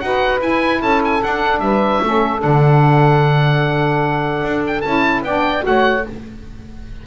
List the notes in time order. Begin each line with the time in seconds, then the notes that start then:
0.00 D#4 F#4 B4 F#5
0.40 E4 G#5
0.81 C#4 A4 A5
1.05 G#5
1.22 D4 F#5
1.59 G3 B4 E5
2.03 A3 C#4 A4
2.39 D3 D4 F#5
4.43 D4
4.67 G5
4.81 C#4 E4 A5
5.22 B3 D4 D5 G5
5.61 A3 F#4 C#5 F#5